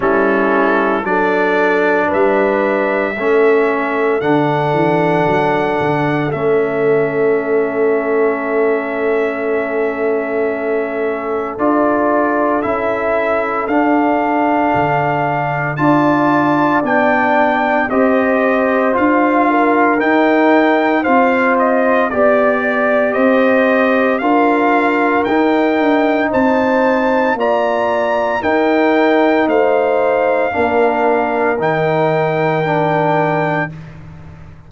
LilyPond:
<<
  \new Staff \with { instrumentName = "trumpet" } { \time 4/4 \tempo 4 = 57 a'4 d''4 e''2 | fis''2 e''2~ | e''2. d''4 | e''4 f''2 a''4 |
g''4 dis''4 f''4 g''4 | f''8 dis''8 d''4 dis''4 f''4 | g''4 a''4 ais''4 g''4 | f''2 g''2 | }
  \new Staff \with { instrumentName = "horn" } { \time 4/4 e'4 a'4 b'4 a'4~ | a'1~ | a'1~ | a'2. d''4~ |
d''4 c''4. ais'4. | c''4 d''4 c''4 ais'4~ | ais'4 c''4 d''4 ais'4 | c''4 ais'2. | }
  \new Staff \with { instrumentName = "trombone" } { \time 4/4 cis'4 d'2 cis'4 | d'2 cis'2~ | cis'2. f'4 | e'4 d'2 f'4 |
d'4 g'4 f'4 dis'4 | f'4 g'2 f'4 | dis'2 f'4 dis'4~ | dis'4 d'4 dis'4 d'4 | }
  \new Staff \with { instrumentName = "tuba" } { \time 4/4 g4 fis4 g4 a4 | d8 e8 fis8 d8 a2~ | a2. d'4 | cis'4 d'4 d4 d'4 |
b4 c'4 d'4 dis'4 | c'4 b4 c'4 d'4 | dis'8 d'8 c'4 ais4 dis'4 | a4 ais4 dis2 | }
>>